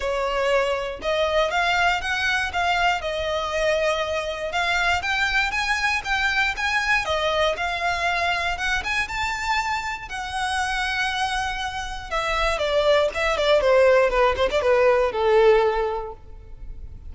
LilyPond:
\new Staff \with { instrumentName = "violin" } { \time 4/4 \tempo 4 = 119 cis''2 dis''4 f''4 | fis''4 f''4 dis''2~ | dis''4 f''4 g''4 gis''4 | g''4 gis''4 dis''4 f''4~ |
f''4 fis''8 gis''8 a''2 | fis''1 | e''4 d''4 e''8 d''8 c''4 | b'8 c''16 d''16 b'4 a'2 | }